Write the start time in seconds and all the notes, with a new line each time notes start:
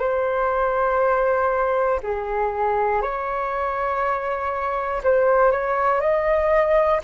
0.00 C5
2.04 G#4
3.02 C#5
5.04 C5
5.52 C#5
6.01 D#5